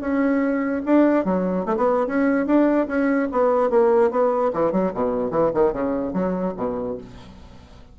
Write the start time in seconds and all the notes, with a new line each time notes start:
0.00 C#4
0.85 D4
1.24 F#3
1.65 A3
1.76 B3
2.06 C#4
2.46 D4
2.87 C#4
3.31 B3
3.70 A#3
4.10 B3
4.53 E3
4.72 F#3
4.94 B2
5.30 E3
5.54 D#3
5.73 C#3
6.13 F#3
6.56 B2